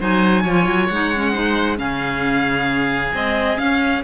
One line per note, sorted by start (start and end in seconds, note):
0.00 0.45 F#3
0.00 0.45 D#4
0.00 0.43 C5
0.00 0.87 G#5
0.43 0.66 F3
0.43 0.92 F4
0.43 1.33 C#5
0.66 0.89 F#3
0.87 1.79 G#3
0.87 1.14 D#4
0.87 1.77 F#5
1.15 1.34 C#4
1.33 1.77 D#4
1.33 1.78 C5
1.77 3.14 C#3
1.77 3.11 C#4
1.77 4.04 G#4
1.77 3.14 F5
3.13 3.56 G#3
3.13 3.59 C4
3.13 3.58 D#5
3.56 4.01 C#4
3.56 4.04 C#4
3.56 4.03 F5